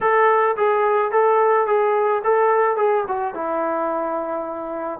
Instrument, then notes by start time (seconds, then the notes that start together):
trombone
0.00 A4
0.56 G#4
1.11 A4
1.66 G#4
2.24 A4
2.76 G#4
3.07 F#4
3.34 E4